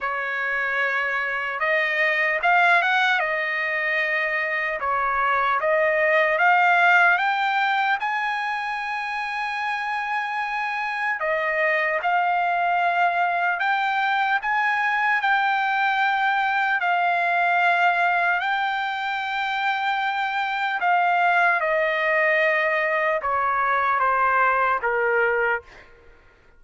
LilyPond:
\new Staff \with { instrumentName = "trumpet" } { \time 4/4 \tempo 4 = 75 cis''2 dis''4 f''8 fis''8 | dis''2 cis''4 dis''4 | f''4 g''4 gis''2~ | gis''2 dis''4 f''4~ |
f''4 g''4 gis''4 g''4~ | g''4 f''2 g''4~ | g''2 f''4 dis''4~ | dis''4 cis''4 c''4 ais'4 | }